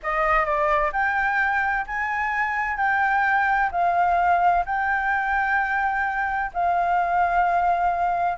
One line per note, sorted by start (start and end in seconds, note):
0.02 0.45 D#5
0.45 0.91 D5
0.92 1.85 G5
1.86 2.77 G#5
2.77 3.70 G5
3.71 4.64 F5
4.65 6.51 G5
6.53 8.37 F5